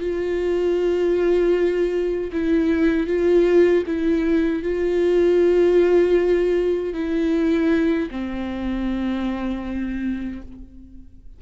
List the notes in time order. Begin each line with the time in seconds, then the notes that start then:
0.00 F4
2.32 E4
3.07 F4
3.86 E4
4.63 F4
6.94 E4
8.11 C4